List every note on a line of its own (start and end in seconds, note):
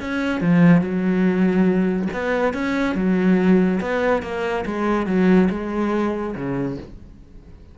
0.00 0.41 C#4
0.41 0.81 F3
0.81 2.08 F#3
2.13 2.54 B3
2.54 2.95 C#4
2.95 3.80 F#3
3.81 4.23 B3
4.23 4.65 A#3
4.66 5.06 G#3
5.06 5.49 F#3
5.50 6.35 G#3
6.35 6.78 C#3